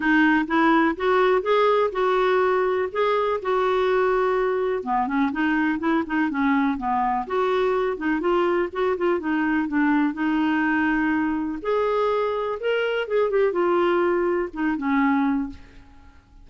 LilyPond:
\new Staff \with { instrumentName = "clarinet" } { \time 4/4 \tempo 4 = 124 dis'4 e'4 fis'4 gis'4 | fis'2 gis'4 fis'4~ | fis'2 b8 cis'8 dis'4 | e'8 dis'8 cis'4 b4 fis'4~ |
fis'8 dis'8 f'4 fis'8 f'8 dis'4 | d'4 dis'2. | gis'2 ais'4 gis'8 g'8 | f'2 dis'8 cis'4. | }